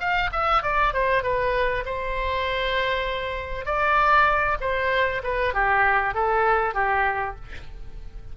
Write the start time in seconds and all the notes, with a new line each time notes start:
0.00 F5
0.33 E5
0.63 D5
0.94 C5
1.23 B4
1.86 C5
3.66 D5
4.61 C5
5.24 B4
5.54 G4
6.15 A4
6.75 G4